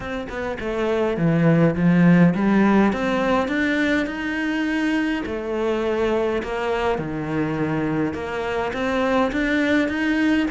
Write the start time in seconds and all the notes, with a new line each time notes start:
0.00 C4
0.29 B3
0.60 A3
1.17 E3
1.75 F3
2.35 G3
2.92 C4
3.48 D4
4.06 D#4
5.26 A3
6.42 A#3
6.98 D#3
8.13 A#3
8.73 C4
9.32 D4
9.88 D#4